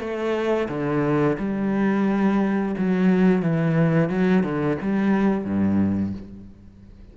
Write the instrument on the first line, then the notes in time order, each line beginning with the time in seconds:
cello
0.00 A3
0.69 D3
1.39 G3
2.78 F#3
3.42 E3
4.10 F#3
4.43 D3
4.82 G3
5.45 G2